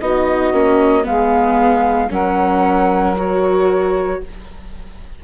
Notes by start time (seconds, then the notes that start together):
0.00 B3 D#4 F#4 D#5
0.52 A#3 C#4
1.03 G#3 B3 G#4 F5
2.10 F#3 C#4 A#4 F#5
3.16 F#4 C#5